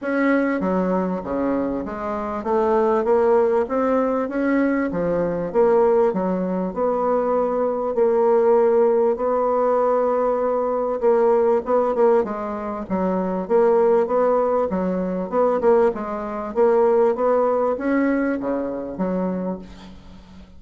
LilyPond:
\new Staff \with { instrumentName = "bassoon" } { \time 4/4 \tempo 4 = 98 cis'4 fis4 cis4 gis4 | a4 ais4 c'4 cis'4 | f4 ais4 fis4 b4~ | b4 ais2 b4~ |
b2 ais4 b8 ais8 | gis4 fis4 ais4 b4 | fis4 b8 ais8 gis4 ais4 | b4 cis'4 cis4 fis4 | }